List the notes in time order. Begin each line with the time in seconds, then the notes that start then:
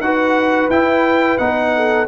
0.00 D#4 F#4 B4 F#5
0.70 E4 G5
1.38 B3 D#4 F#5
1.76 A4